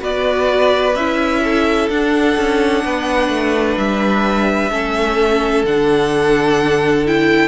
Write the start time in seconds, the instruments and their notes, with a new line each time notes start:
0.00 cello B3, viola F#4, violin B4 D5
0.95 cello C#4, viola E4, violin E5
1.44 violin A4
1.89 cello D4, viola D4, violin F#5
2.37 cello C#4
2.84 cello B3, violin B4
3.29 cello A3
3.77 cello G3, violin E5
4.70 cello A3, viola C#4, violin A4
5.63 cello D3, viola D4, violin F#5
7.06 viola E4, violin G5